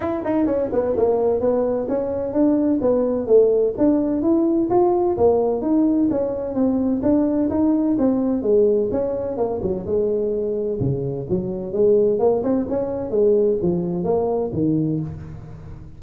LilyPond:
\new Staff \with { instrumentName = "tuba" } { \time 4/4 \tempo 4 = 128 e'8 dis'8 cis'8 b8 ais4 b4 | cis'4 d'4 b4 a4 | d'4 e'4 f'4 ais4 | dis'4 cis'4 c'4 d'4 |
dis'4 c'4 gis4 cis'4 | ais8 fis8 gis2 cis4 | fis4 gis4 ais8 c'8 cis'4 | gis4 f4 ais4 dis4 | }